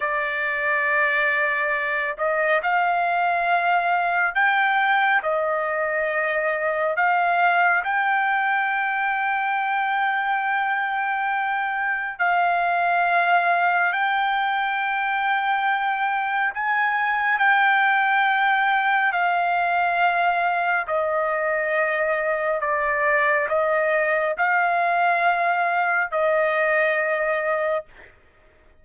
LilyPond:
\new Staff \with { instrumentName = "trumpet" } { \time 4/4 \tempo 4 = 69 d''2~ d''8 dis''8 f''4~ | f''4 g''4 dis''2 | f''4 g''2.~ | g''2 f''2 |
g''2. gis''4 | g''2 f''2 | dis''2 d''4 dis''4 | f''2 dis''2 | }